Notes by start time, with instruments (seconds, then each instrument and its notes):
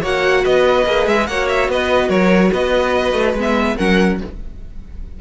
0.00 cello A#3, viola F#4, violin C#5 F#5
0.44 cello B3, violin B4 D#5
0.85 cello A#3, viola G#4
1.07 cello G#3, violin E5
1.27 cello A#3, viola F#4, violin C#5 F#5
1.48 violin E5
1.68 cello B3, violin B4 D#5
2.09 cello F#3, violin A#4 C#5
2.52 cello B3, violin B4 D#5
3.13 cello A3
3.34 cello G#3, viola B3
3.41 violin E5
3.76 cello F#3, viola C#4, violin A#4 F#5